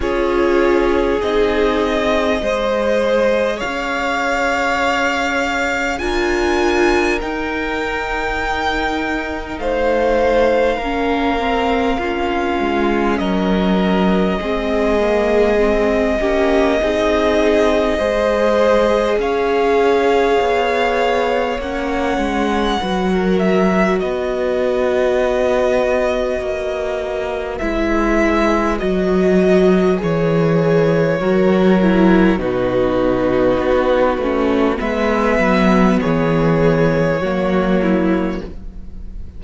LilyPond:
<<
  \new Staff \with { instrumentName = "violin" } { \time 4/4 \tempo 4 = 50 cis''4 dis''2 f''4~ | f''4 gis''4 g''2 | f''2. dis''4~ | dis''1 |
f''2 fis''4. e''8 | dis''2. e''4 | dis''4 cis''2 b'4~ | b'4 e''4 cis''2 | }
  \new Staff \with { instrumentName = "violin" } { \time 4/4 gis'2 c''4 cis''4~ | cis''4 ais'2. | c''4 ais'4 f'4 ais'4 | gis'4. g'8 gis'4 c''4 |
cis''2. b'16 ais'8. | b'1~ | b'2 ais'4 fis'4~ | fis'4 b'4 gis'4 fis'8 e'8 | }
  \new Staff \with { instrumentName = "viola" } { \time 4/4 f'4 dis'4 gis'2~ | gis'4 f'4 dis'2~ | dis'4 cis'8 c'8 cis'2 | c'8 ais8 c'8 cis'8 dis'4 gis'4~ |
gis'2 cis'4 fis'4~ | fis'2. e'4 | fis'4 gis'4 fis'8 e'8 dis'4~ | dis'8 cis'8 b2 ais4 | }
  \new Staff \with { instrumentName = "cello" } { \time 4/4 cis'4 c'4 gis4 cis'4~ | cis'4 d'4 dis'2 | a4 ais4. gis8 fis4 | gis4. ais8 c'4 gis4 |
cis'4 b4 ais8 gis8 fis4 | b2 ais4 gis4 | fis4 e4 fis4 b,4 | b8 a8 gis8 fis8 e4 fis4 | }
>>